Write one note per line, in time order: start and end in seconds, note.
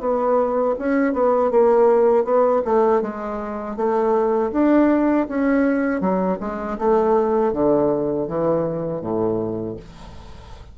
0.00 0.75 B3
0.79 1.14 C#4
1.14 1.51 B3
1.51 2.25 A#3
2.25 2.62 B3
2.65 3.02 A3
3.02 3.77 G#3
3.77 4.52 A3
4.52 5.27 D4
5.29 6.01 C#4
6.01 6.39 F#3
6.40 6.78 G#3
6.79 7.53 A3
7.53 8.28 D3
8.28 9.02 E3
9.02 9.77 A2